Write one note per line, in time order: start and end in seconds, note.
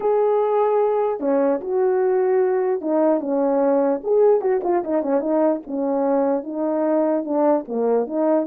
0.00 1.20 G#4
1.20 1.60 C#4
1.61 2.81 F#4
2.81 3.20 D#4
3.20 4.01 C#4
4.03 4.41 G#4
4.41 4.61 F#4
4.63 4.83 F4
4.84 5.02 D#4
5.02 5.20 C#4
5.20 5.60 D#4
5.66 6.43 C#4
6.43 7.24 D#4
7.24 7.64 D4
7.68 8.06 A#3
8.06 8.47 D#4